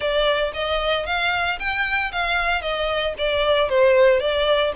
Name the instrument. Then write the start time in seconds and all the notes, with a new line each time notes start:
violin
0.00 D5
0.53 D#5
1.06 F5
1.59 G5
2.12 F5
2.61 D#5
3.17 D5
3.69 C5
4.20 D5